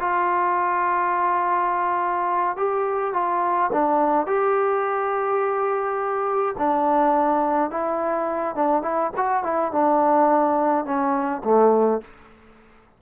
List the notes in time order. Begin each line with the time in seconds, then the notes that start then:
0.00 F4
2.57 G4
3.14 F4
3.73 D4
4.27 G4
6.58 D4
7.71 E4
8.56 D4
8.82 E4
9.17 F#4
9.43 E4
9.72 D4
10.85 C#4
11.44 A3